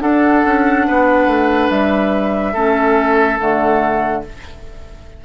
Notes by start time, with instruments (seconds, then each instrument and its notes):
0.00 clarinet D4, bassoon D4, oboe A4, flute F#5
0.44 bassoon C#4
0.87 bassoon B3, oboe B4
1.26 bassoon A3
1.69 bassoon G3, flute E5
2.53 bassoon A3, clarinet C#4, oboe A4
3.39 bassoon D3, clarinet A3, flute F#5